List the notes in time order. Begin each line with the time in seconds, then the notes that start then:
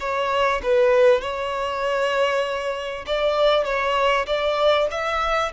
0.00 C#5
0.63 B4
1.22 C#5
3.07 D5
3.65 C#5
4.27 D5
4.91 E5